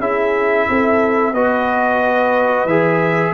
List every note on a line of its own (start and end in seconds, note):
0.00 0.67 C#4
0.00 1.34 E4
0.00 0.67 G#4
0.00 1.34 E5
0.69 1.34 C4
0.69 1.34 A4
1.34 2.65 B3
1.34 2.68 F#4
1.34 3.34 B4
1.34 2.67 D#5
2.65 3.32 E3
2.65 3.34 G#4
2.65 3.34 E5